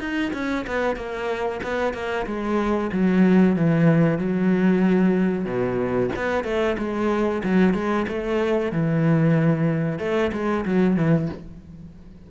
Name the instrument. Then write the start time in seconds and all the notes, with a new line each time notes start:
cello
0.00 D#4
0.33 C#4
0.67 B3
0.96 A#3
1.63 B3
1.94 A#3
2.26 G#3
2.92 F#3
3.56 E3
4.18 F#3
5.45 B2
6.16 B3
6.44 A3
6.78 G#3
7.44 F#3
7.74 G#3
8.08 A3
8.72 E3
9.99 A3
10.33 G#3
10.65 F#3
10.96 E3